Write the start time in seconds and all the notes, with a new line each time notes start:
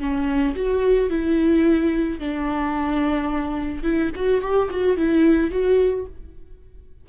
0.00 C#4
0.55 F#4
1.10 E4
2.19 D4
3.83 E4
4.15 F#4
4.41 G4
4.70 F#4
4.97 E4
5.51 F#4